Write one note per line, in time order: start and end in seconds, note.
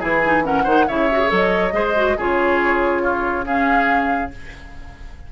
0.00 0.66 E3
0.00 0.22 E4
0.00 0.43 G#4
0.00 0.44 G#5
0.25 0.43 D#4
0.43 0.65 C#4
0.43 0.63 A#4
0.43 0.88 F#5
0.63 0.87 D#3
0.63 0.88 D#4
0.63 0.85 C5
0.88 1.31 C#3
0.88 1.10 E4
0.88 1.74 C#5
0.88 1.31 E5
1.11 1.19 F#4
1.19 1.28 G#4
1.28 1.73 F#3
1.28 1.71 A4
1.28 2.19 D#5
1.73 2.16 G#3
1.73 1.94 G#4
1.73 2.17 C5
1.96 2.17 F#4
2.17 4.32 C#3
2.17 3.46 F4
2.17 3.02 G#4
2.17 3.45 C#5
3.02 3.45 F4
3.45 4.32 C#4
3.45 4.31 G#4
3.45 4.31 F5